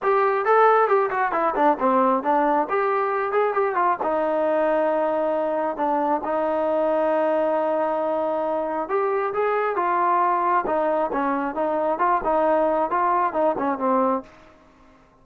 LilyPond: \new Staff \with { instrumentName = "trombone" } { \time 4/4 \tempo 4 = 135 g'4 a'4 g'8 fis'8 e'8 d'8 | c'4 d'4 g'4. gis'8 | g'8 f'8 dis'2.~ | dis'4 d'4 dis'2~ |
dis'1 | g'4 gis'4 f'2 | dis'4 cis'4 dis'4 f'8 dis'8~ | dis'4 f'4 dis'8 cis'8 c'4 | }